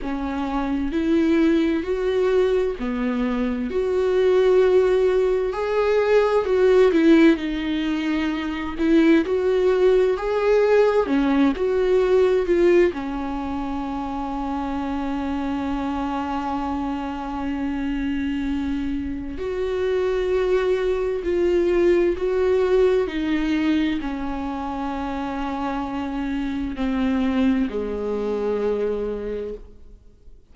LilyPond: \new Staff \with { instrumentName = "viola" } { \time 4/4 \tempo 4 = 65 cis'4 e'4 fis'4 b4 | fis'2 gis'4 fis'8 e'8 | dis'4. e'8 fis'4 gis'4 | cis'8 fis'4 f'8 cis'2~ |
cis'1~ | cis'4 fis'2 f'4 | fis'4 dis'4 cis'2~ | cis'4 c'4 gis2 | }